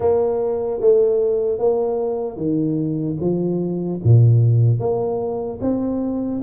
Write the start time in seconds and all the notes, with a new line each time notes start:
0.00 A#3
0.80 A3
1.58 A#3
2.36 D#3
3.20 F3
4.04 A#2
4.79 A#3
5.61 C4